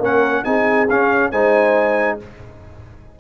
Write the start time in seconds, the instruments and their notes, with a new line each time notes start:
0.00 tuba A#3, trombone C#4, horn A#4, trumpet F#5
0.44 tuba C4, trombone D#4, horn G#4, trumpet G#5
0.90 tuba C#4, trombone C#4, trumpet F5
1.32 tuba G#3, trombone D#4, horn C5, trumpet G#5